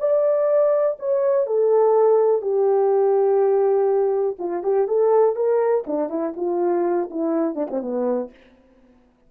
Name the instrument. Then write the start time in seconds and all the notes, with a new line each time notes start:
horn
0.00 D5
1.00 C#5
1.47 A4
2.42 G4
4.39 F4
4.64 G4
4.88 A4
5.36 A#4
5.87 D4
6.10 E4
6.37 F4
7.11 E4
7.56 D4
7.71 C4
7.82 B3